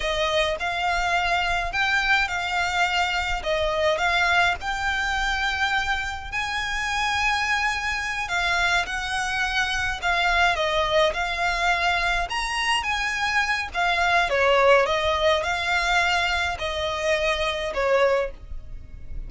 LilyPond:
\new Staff \with { instrumentName = "violin" } { \time 4/4 \tempo 4 = 105 dis''4 f''2 g''4 | f''2 dis''4 f''4 | g''2. gis''4~ | gis''2~ gis''8 f''4 fis''8~ |
fis''4. f''4 dis''4 f''8~ | f''4. ais''4 gis''4. | f''4 cis''4 dis''4 f''4~ | f''4 dis''2 cis''4 | }